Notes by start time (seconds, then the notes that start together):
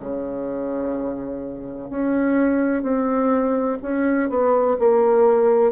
0.00 C#3
1.90 C#4
2.83 C4
3.82 C#4
4.29 B3
4.79 A#3